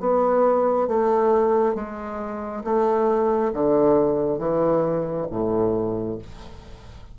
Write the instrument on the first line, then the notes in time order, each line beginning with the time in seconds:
bassoon
0.00 B3
0.87 A3
1.75 G#3
2.64 A3
3.53 D3
4.39 E3
5.30 A2